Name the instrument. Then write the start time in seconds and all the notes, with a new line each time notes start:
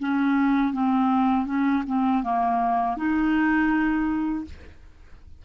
clarinet
0.00 C#4
0.73 C4
1.46 C#4
1.87 C4
2.24 A#3
2.97 D#4